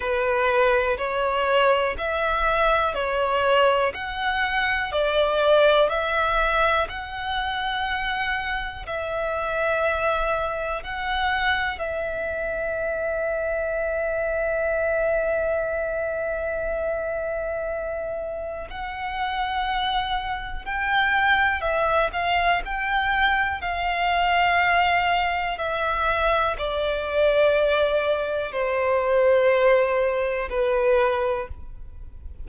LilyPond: \new Staff \with { instrumentName = "violin" } { \time 4/4 \tempo 4 = 61 b'4 cis''4 e''4 cis''4 | fis''4 d''4 e''4 fis''4~ | fis''4 e''2 fis''4 | e''1~ |
e''2. fis''4~ | fis''4 g''4 e''8 f''8 g''4 | f''2 e''4 d''4~ | d''4 c''2 b'4 | }